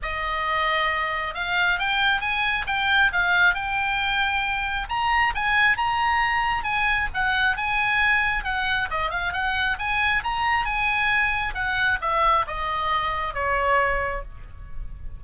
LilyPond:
\new Staff \with { instrumentName = "oboe" } { \time 4/4 \tempo 4 = 135 dis''2. f''4 | g''4 gis''4 g''4 f''4 | g''2. ais''4 | gis''4 ais''2 gis''4 |
fis''4 gis''2 fis''4 | dis''8 f''8 fis''4 gis''4 ais''4 | gis''2 fis''4 e''4 | dis''2 cis''2 | }